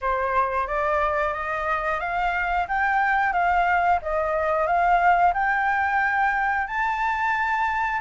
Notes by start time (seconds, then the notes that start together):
0.01 C5
0.67 D5
1.33 D#5
2.00 F5
2.68 G5
3.32 F5
4.02 D#5
4.66 F5
5.33 G5
6.67 A5